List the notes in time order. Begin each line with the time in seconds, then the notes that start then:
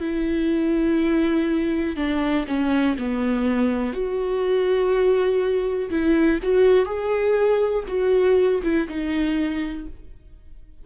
0.00 E4
1.96 D4
2.47 C#4
2.98 B3
3.93 F#4
5.90 E4
6.42 F#4
6.85 G#4
7.88 F#4
8.63 E4
8.88 D#4